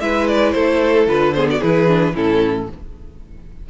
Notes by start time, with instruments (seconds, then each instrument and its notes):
0.00 cello G#3, viola E4, violin B4 E5
0.27 violin D5
0.51 cello A3, violin A4 C5
1.07 cello D3, viola F4, violin B4
1.34 viola B3, violin G#4 C5
1.50 violin F#4 D5
1.59 cello E3, viola E4, violin G#4 B4
1.87 viola D4
2.13 cello A2, viola C#4, violin E4 A4